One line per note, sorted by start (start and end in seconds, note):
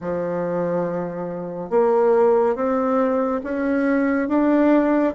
0.00 1.69 F3
1.69 2.55 A#3
2.55 3.41 C4
3.43 4.28 C#4
4.28 5.14 D4